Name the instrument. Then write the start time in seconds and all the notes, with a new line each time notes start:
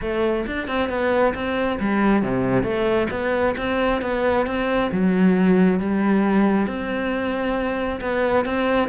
cello
0.01 A3
0.46 D4
0.67 C4
0.89 B3
1.34 C4
1.80 G3
2.22 C3
2.63 A3
3.10 B3
3.57 C4
4.01 B3
4.46 C4
4.91 F#3
5.79 G3
6.67 C4
8.00 B3
8.45 C4